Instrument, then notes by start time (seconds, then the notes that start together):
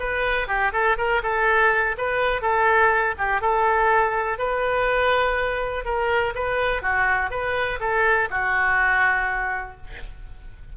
oboe
0.00 B4
0.48 G4
0.73 A4
0.98 A#4
1.23 A4
1.98 B4
2.42 A4
3.18 G4
3.41 A4
4.39 B4
5.85 A#4
6.35 B4
6.82 F#4
7.31 B4
7.80 A4
8.31 F#4